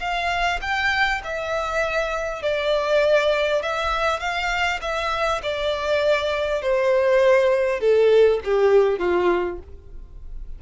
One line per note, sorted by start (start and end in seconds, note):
0.00 0.60 F5
0.62 1.22 G5
1.24 2.42 E5
2.42 3.62 D5
3.62 4.20 E5
4.20 4.80 F5
4.82 5.42 E5
5.43 6.62 D5
6.62 7.80 C5
7.80 8.40 A4
8.44 8.99 G4
8.99 9.59 F4